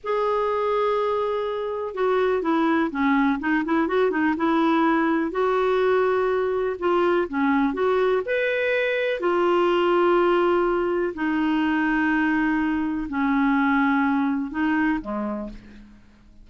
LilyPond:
\new Staff \with { instrumentName = "clarinet" } { \time 4/4 \tempo 4 = 124 gis'1 | fis'4 e'4 cis'4 dis'8 e'8 | fis'8 dis'8 e'2 fis'4~ | fis'2 f'4 cis'4 |
fis'4 b'2 f'4~ | f'2. dis'4~ | dis'2. cis'4~ | cis'2 dis'4 gis4 | }